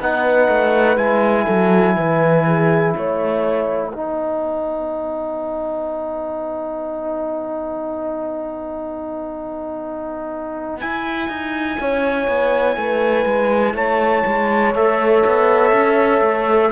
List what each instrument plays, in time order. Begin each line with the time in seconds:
0.00 cello B3, trombone D#4, horn B4, trumpet F#5
0.48 cello A3
0.97 cello G#3, trombone E4, trumpet G#5
1.45 cello F#3, horn A4
1.96 cello E3, horn B4
2.47 horn G#4
2.94 cello A3, horn C#5, trumpet F#5
3.91 cello B3, trombone D#4, horn B4
10.80 trombone E4, cello E4, trumpet G#5
11.28 cello D#4
11.80 cello C#4, horn C#5
12.28 cello B3
12.76 cello A3, horn B4
13.25 cello G#3
13.74 cello A3, horn C#5, trumpet A5
14.26 cello G#3
14.74 cello A3, trombone A4, trumpet E5
15.26 cello B3
15.72 cello C#4
16.21 cello A3